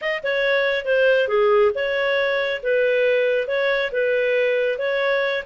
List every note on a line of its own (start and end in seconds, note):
0.01 0.23 D#5
0.23 0.85 C#5
0.85 1.27 C5
1.27 1.71 G#4
1.74 2.61 C#5
2.62 3.47 B4
3.47 3.91 C#5
3.92 4.78 B4
4.78 5.43 C#5